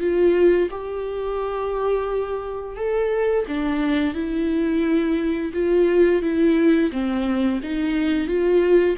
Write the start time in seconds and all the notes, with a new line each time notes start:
0.00 F4
0.71 G4
2.76 A4
3.48 D4
4.14 E4
5.54 F4
6.22 E4
6.92 C4
7.63 D#4
8.27 F4